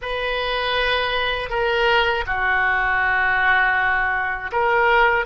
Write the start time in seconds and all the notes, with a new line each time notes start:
0.01 B4
1.49 A#4
2.26 F#4
4.51 A#4